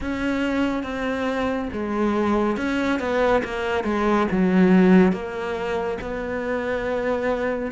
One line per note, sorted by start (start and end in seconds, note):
0.00 0.83 C#4
0.83 1.68 C4
1.73 2.56 G#3
2.56 2.99 C#4
2.99 3.42 B3
3.44 3.84 A#3
3.84 4.27 G#3
4.31 5.12 F#3
5.12 5.98 A#3
6.01 7.71 B3